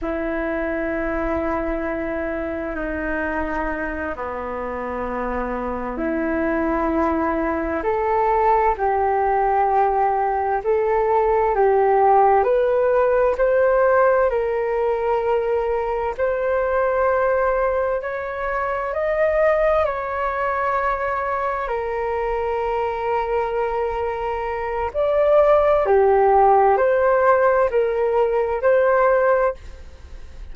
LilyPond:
\new Staff \with { instrumentName = "flute" } { \time 4/4 \tempo 4 = 65 e'2. dis'4~ | dis'8 b2 e'4.~ | e'8 a'4 g'2 a'8~ | a'8 g'4 b'4 c''4 ais'8~ |
ais'4. c''2 cis''8~ | cis''8 dis''4 cis''2 ais'8~ | ais'2. d''4 | g'4 c''4 ais'4 c''4 | }